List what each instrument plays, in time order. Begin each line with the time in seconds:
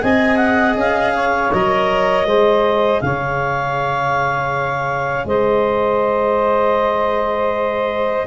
0.00 tuba C4, cello G#4, saxophone D#5, clarinet G#5
0.36 clarinet F#5
0.76 tuba C#4, clarinet F5
1.14 saxophone C#5
1.53 tuba F#3, cello A#4, clarinet D#5
2.25 tuba G#3, cello G#4, saxophone C5
3.01 tuba C#3, saxophone C#5, clarinet F5
5.25 tuba G#3, saxophone C5, clarinet D#5